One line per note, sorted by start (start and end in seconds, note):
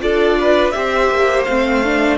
0.00 0.74 D4
0.00 0.72 F4
0.00 0.38 A4
0.00 0.70 D5
0.40 0.75 B4
0.70 1.09 C4
0.70 1.46 G4
0.70 2.18 C5
0.70 1.42 E5
1.09 1.45 A#3
1.44 2.18 A3
1.44 1.84 C4
1.44 2.17 F5
1.84 2.18 D4